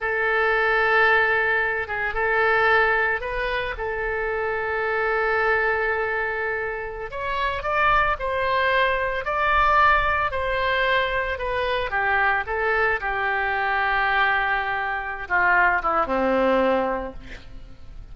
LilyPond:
\new Staff \with { instrumentName = "oboe" } { \time 4/4 \tempo 4 = 112 a'2.~ a'8 gis'8 | a'2 b'4 a'4~ | a'1~ | a'4~ a'16 cis''4 d''4 c''8.~ |
c''4~ c''16 d''2 c''8.~ | c''4~ c''16 b'4 g'4 a'8.~ | a'16 g'2.~ g'8.~ | g'8 f'4 e'8 c'2 | }